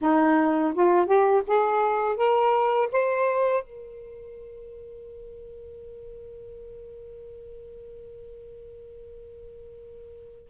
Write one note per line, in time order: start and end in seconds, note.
0.01 0.73 D#4
0.74 1.06 F4
1.06 1.42 G4
1.47 2.16 G#4
2.16 2.88 A#4
2.92 3.63 C5
3.63 10.50 A#4